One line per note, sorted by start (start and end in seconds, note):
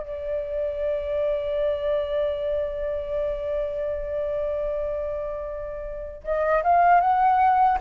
0.00 6.23 D5
6.24 6.63 D#5
6.64 7.01 F5
7.01 7.79 F#5